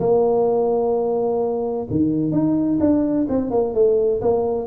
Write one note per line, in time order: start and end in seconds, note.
0.00 1.87 A#3
1.90 2.32 D#3
2.32 2.79 D#4
2.80 3.27 D4
3.29 3.51 C4
3.51 3.74 A#3
3.74 4.21 A3
4.22 4.67 A#3